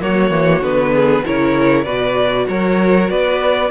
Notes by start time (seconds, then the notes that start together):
0.00 F#3 A#3 F#4 C#5
0.30 E3
0.60 D3 B3 B4
0.93 G#4
1.25 C#3 E4 A#4 C#5
1.84 B2 F#4 B4 D5
2.48 F#3 A#4 C#5
3.09 B3 B4 D5